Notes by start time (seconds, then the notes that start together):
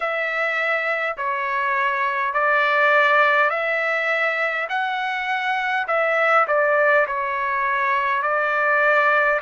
0.00 E5
1.17 C#5
2.33 D5
3.50 E5
4.69 F#5
5.87 E5
6.47 D5
7.06 C#5
8.22 D5